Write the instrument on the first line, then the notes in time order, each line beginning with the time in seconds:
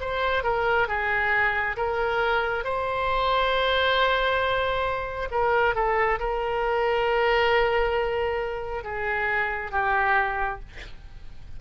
oboe
0.00 C5
0.43 A#4
0.88 G#4
1.76 A#4
2.64 C5
5.31 A#4
5.75 A4
6.19 A#4
8.84 G#4
9.71 G4